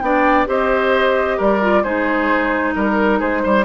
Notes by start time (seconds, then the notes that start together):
0.00 B3 D4 D5 G5
0.47 C4 G4 C5 D#5
1.38 G3 A#4 D5
1.62 F4
1.84 G#3 D#4 G#4 C5
2.76 G3 A#4
3.19 G#3 G#4 C5
3.44 G3 C5